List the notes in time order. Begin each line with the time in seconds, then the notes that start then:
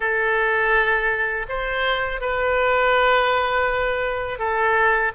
0.00 A4
1.48 C5
2.20 B4
4.38 A4